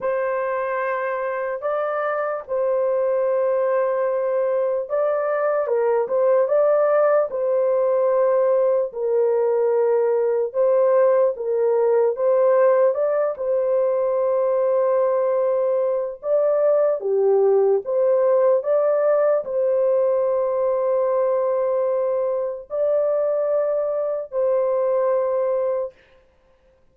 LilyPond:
\new Staff \with { instrumentName = "horn" } { \time 4/4 \tempo 4 = 74 c''2 d''4 c''4~ | c''2 d''4 ais'8 c''8 | d''4 c''2 ais'4~ | ais'4 c''4 ais'4 c''4 |
d''8 c''2.~ c''8 | d''4 g'4 c''4 d''4 | c''1 | d''2 c''2 | }